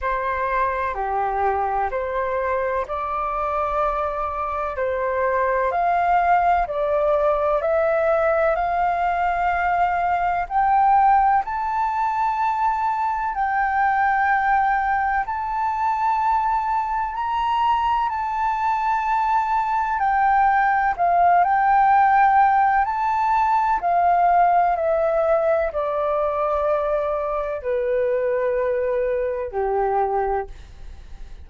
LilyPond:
\new Staff \with { instrumentName = "flute" } { \time 4/4 \tempo 4 = 63 c''4 g'4 c''4 d''4~ | d''4 c''4 f''4 d''4 | e''4 f''2 g''4 | a''2 g''2 |
a''2 ais''4 a''4~ | a''4 g''4 f''8 g''4. | a''4 f''4 e''4 d''4~ | d''4 b'2 g'4 | }